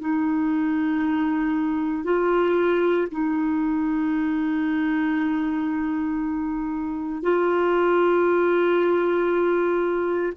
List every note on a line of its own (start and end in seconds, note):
0.00 2.04 D#4
2.04 3.08 F4
3.11 7.23 D#4
7.23 10.33 F4